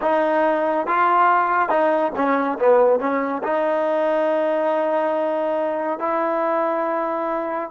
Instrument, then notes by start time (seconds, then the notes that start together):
trombone
0.01 D#4
0.86 F4
1.69 D#4
2.15 C#4
2.58 B3
2.99 C#4
3.43 D#4
5.99 E4